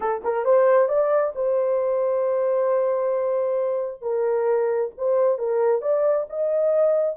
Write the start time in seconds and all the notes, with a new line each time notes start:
0.00 A4
0.23 A#4
0.45 C5
0.88 D5
1.35 C5
4.01 A#4
4.97 C5
5.38 A#4
5.81 D5
6.29 D#5